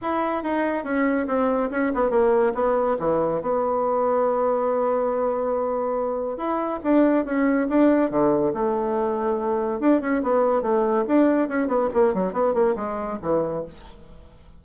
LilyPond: \new Staff \with { instrumentName = "bassoon" } { \time 4/4 \tempo 4 = 141 e'4 dis'4 cis'4 c'4 | cis'8 b8 ais4 b4 e4 | b1~ | b2. e'4 |
d'4 cis'4 d'4 d4 | a2. d'8 cis'8 | b4 a4 d'4 cis'8 b8 | ais8 fis8 b8 ais8 gis4 e4 | }